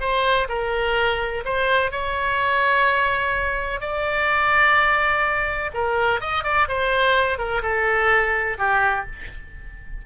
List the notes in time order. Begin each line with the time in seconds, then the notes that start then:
0.00 C5
0.48 A#4
1.45 C5
1.91 C#5
3.81 D5
5.74 A#4
6.21 D#5
6.44 D5
6.68 C5
7.38 A#4
7.62 A4
8.58 G4